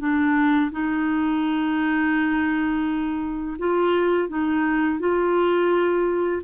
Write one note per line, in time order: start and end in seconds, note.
0.00 0.71 D4
0.71 3.57 D#4
3.59 4.29 F4
4.29 5.00 D#4
5.00 6.43 F4